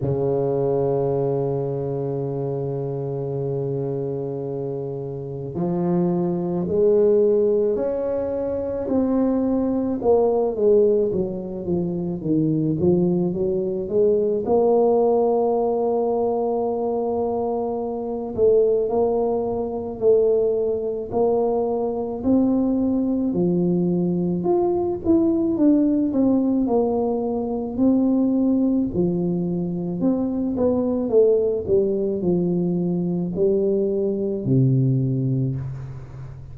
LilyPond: \new Staff \with { instrumentName = "tuba" } { \time 4/4 \tempo 4 = 54 cis1~ | cis4 f4 gis4 cis'4 | c'4 ais8 gis8 fis8 f8 dis8 f8 | fis8 gis8 ais2.~ |
ais8 a8 ais4 a4 ais4 | c'4 f4 f'8 e'8 d'8 c'8 | ais4 c'4 f4 c'8 b8 | a8 g8 f4 g4 c4 | }